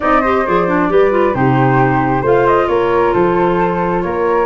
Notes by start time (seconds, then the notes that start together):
0.00 C4 D#4 D5 D#5
0.21 G4 C5
0.46 F3 G#4 D5
0.67 D4
0.89 G3 G4 B4
1.11 F4
1.34 C3 D#4 G4 C5
2.21 A3 F4 C5 F5
2.47 D#5
2.68 A#3 A#4 C#5
3.13 F3 A4 C5
4.01 A#3 A#4 C#5